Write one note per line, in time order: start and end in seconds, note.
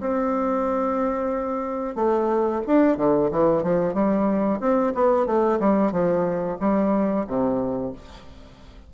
0.00 1.95 C4
1.95 2.61 A3
2.66 2.97 D4
2.97 3.30 D3
3.31 3.63 E3
3.63 3.93 F3
3.93 4.59 G3
4.60 4.93 C4
4.94 5.26 B3
5.26 5.59 A3
5.59 5.92 G3
5.92 6.58 F3
6.59 7.25 G3
7.26 7.92 C3